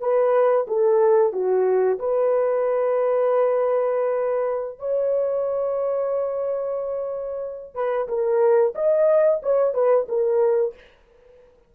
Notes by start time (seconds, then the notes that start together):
0.00 B4
0.67 A4
1.32 F#4
1.99 B4
4.79 C#5
7.75 B4
8.08 A#4
8.75 D#5
9.43 C#5
9.74 B4
10.08 A#4